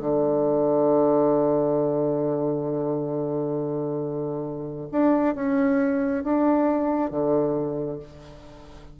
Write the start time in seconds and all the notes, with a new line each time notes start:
0.00 D3
4.92 D4
5.35 C#4
6.24 D4
7.11 D3